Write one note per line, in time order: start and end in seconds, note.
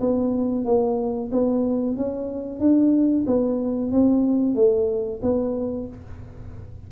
0.00 0.65 B3
0.65 1.30 A#3
1.32 1.97 B3
1.97 2.59 C#4
2.59 3.25 D4
3.26 3.91 B3
3.91 4.55 C4
4.55 5.20 A3
5.22 5.87 B3